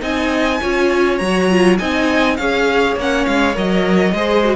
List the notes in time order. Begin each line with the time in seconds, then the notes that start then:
0.00 C4 D#4 D#5 G#5
0.61 C#4 F4 C#5
1.17 F#3 F#4 A#5
1.50 F4
1.78 C4 D#4 D#5 G#5
2.36 C#4 G#4 C#5 F5
2.96 A#3 C#4 F#5
3.25 G#3 F5
3.54 F#3 A#4 D#5
4.13 G#3 G#4 C5
4.44 F#4